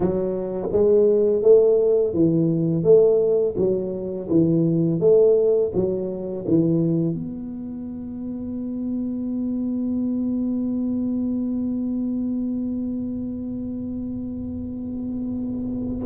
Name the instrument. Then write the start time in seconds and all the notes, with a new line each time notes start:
tuba
0.00 F#3
0.72 G#3
1.42 A3
2.13 E3
2.83 A3
3.57 F#3
4.29 E3
5.00 A3
5.74 F#3
6.47 E3
7.14 B3